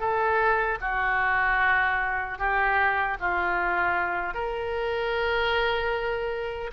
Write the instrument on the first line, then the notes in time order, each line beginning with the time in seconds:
oboe
0.00 A4
0.81 F#4
2.39 G4
3.20 F4
4.35 A#4